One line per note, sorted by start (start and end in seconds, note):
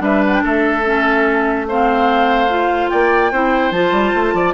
0.00 0.41 G3
0.00 0.82 D4
0.00 0.43 B4
0.00 0.24 E5
0.26 0.33 F#5
0.33 0.43 G5
0.43 2.90 A3
0.43 1.66 A4
0.43 1.68 E5
0.85 1.67 C#4
1.68 2.49 C4
1.68 2.91 C5
1.68 2.89 F5
2.49 3.31 F4
2.89 3.32 A#3
2.89 3.32 D5
2.89 3.71 G5
3.32 3.71 C4
3.32 3.73 E4
3.32 4.34 C5
3.71 3.91 F3
3.71 4.54 F4
3.71 4.54 A5
3.91 4.12 G3
4.15 4.33 A3
4.33 4.54 F3
4.33 4.54 D5